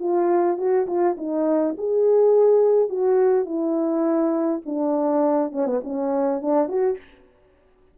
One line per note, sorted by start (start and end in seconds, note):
0.00 0.58 F4
0.58 0.87 F#4
0.87 1.16 F4
1.18 1.76 D#4
1.78 2.89 G#4
2.89 3.46 F#4
3.46 4.62 E4
4.66 5.52 D4
5.52 5.66 C#4
5.66 5.81 B3
5.84 6.42 C#4
6.42 6.69 D4
6.69 6.98 F#4